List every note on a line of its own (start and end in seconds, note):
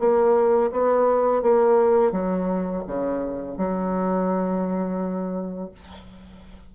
0.00 0.71 A#3
0.72 1.43 B3
1.43 2.12 A#3
2.12 2.84 F#3
2.87 3.57 C#3
3.57 5.72 F#3